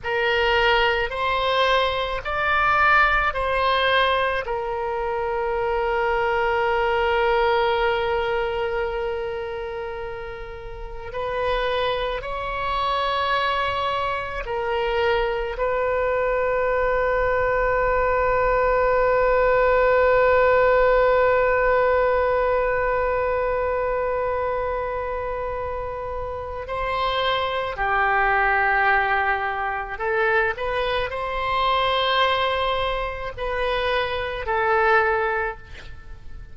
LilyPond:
\new Staff \with { instrumentName = "oboe" } { \time 4/4 \tempo 4 = 54 ais'4 c''4 d''4 c''4 | ais'1~ | ais'2 b'4 cis''4~ | cis''4 ais'4 b'2~ |
b'1~ | b'1 | c''4 g'2 a'8 b'8 | c''2 b'4 a'4 | }